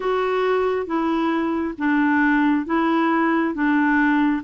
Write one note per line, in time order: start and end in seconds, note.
0.00 0.86 F#4
0.86 1.74 E4
1.78 2.66 D4
2.66 3.54 E4
3.54 4.42 D4